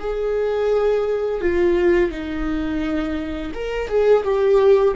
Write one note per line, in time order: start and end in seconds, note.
0.00 1.41 G#4
1.41 2.11 F4
2.11 3.53 D#4
3.55 3.88 A#4
3.88 4.24 G#4
4.24 4.94 G4